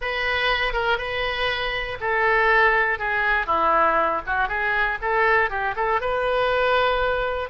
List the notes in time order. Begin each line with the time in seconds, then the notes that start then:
0.01 B4
0.73 A#4
0.97 B4
2.00 A4
2.98 G#4
3.46 E4
4.26 F#4
4.48 G#4
5.01 A4
5.50 G4
5.76 A4
6.00 B4